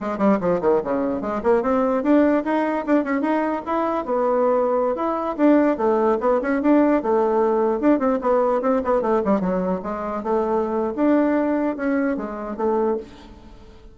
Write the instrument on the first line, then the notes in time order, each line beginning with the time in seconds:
bassoon
0.01 G#3
0.18 G3
0.40 F3
0.61 D#3
0.83 C#3
1.21 G#3
1.43 A#3
1.62 C4
2.03 D4
2.44 D#4
2.86 D4
3.04 C#4
3.21 D#4
3.66 E4
4.05 B3
4.95 E4
5.37 D4
5.77 A3
6.20 B3
6.41 C#4
6.62 D4
7.02 A3
7.80 D4
7.99 C4
8.21 B3
8.61 C4
8.84 B3
9.01 A3
9.25 G3
9.40 F#3
9.82 G#3
10.23 A3
10.95 D4
11.76 C#4
12.17 G#3
12.56 A3